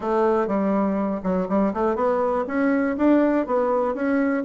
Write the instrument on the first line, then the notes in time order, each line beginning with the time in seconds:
bassoon
0.00 A3
0.47 G3
1.23 F#3
1.48 G3
1.73 A3
1.95 B3
2.47 C#4
2.97 D4
3.46 B3
3.94 C#4